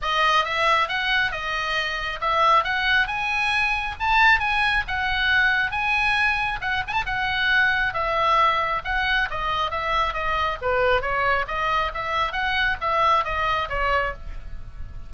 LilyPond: \new Staff \with { instrumentName = "oboe" } { \time 4/4 \tempo 4 = 136 dis''4 e''4 fis''4 dis''4~ | dis''4 e''4 fis''4 gis''4~ | gis''4 a''4 gis''4 fis''4~ | fis''4 gis''2 fis''8 gis''16 a''16 |
fis''2 e''2 | fis''4 dis''4 e''4 dis''4 | b'4 cis''4 dis''4 e''4 | fis''4 e''4 dis''4 cis''4 | }